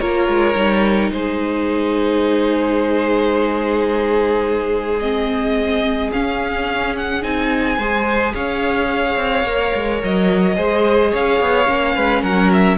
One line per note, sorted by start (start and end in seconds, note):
0.00 0.28 A#3
0.00 0.56 F4
0.00 1.12 A#4
0.00 1.11 C#5
0.28 0.55 G#3
0.55 1.11 G3
0.55 5.00 D#4
1.11 6.11 G#3
1.11 7.77 G#4
1.11 5.00 C5
5.00 6.13 C4
5.00 6.11 D#5
6.13 7.23 C#4
6.13 7.24 C#4
6.13 6.96 F5
6.97 7.23 F#5
7.23 7.78 C4
7.23 7.78 D#4
7.23 8.35 G#5
7.77 8.34 G#3
7.77 9.46 G#4
7.77 8.33 C5
8.34 9.17 C#4
8.34 10.56 C#5
8.34 10.02 F5
9.17 9.44 C4
9.44 9.71 A#3
9.44 10.56 A#4
9.75 10.03 G#3
10.03 10.57 F#3
10.03 11.15 D#5
10.56 11.13 G#3
10.56 11.67 G#4
10.56 11.12 C5
11.12 11.41 C#4
11.12 11.95 C#5
11.12 12.23 F5
11.41 11.68 B3
11.67 11.96 A#3
11.67 12.78 C#4
11.96 12.23 G#3
11.96 12.23 B4
12.23 12.78 F#3
12.23 12.78 A#4
12.23 12.51 F#5
12.53 12.78 E5